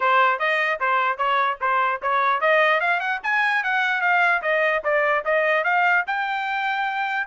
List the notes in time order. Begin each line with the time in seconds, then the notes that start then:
0.00 C5
0.39 D#5
0.80 C5
1.17 C#5
1.60 C5
2.02 C#5
2.40 D#5
2.80 F5
3.00 F#5
3.23 G#5
3.63 F#5
4.01 F5
4.42 D#5
4.83 D5
5.24 D#5
5.64 F5
6.06 G5